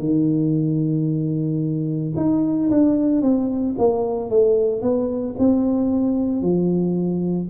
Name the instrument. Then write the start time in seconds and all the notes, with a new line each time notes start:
tuba
0.00 D#3
2.17 D#4
2.70 D4
3.22 C4
3.78 A#3
4.30 A3
4.82 B3
5.39 C4
6.42 F3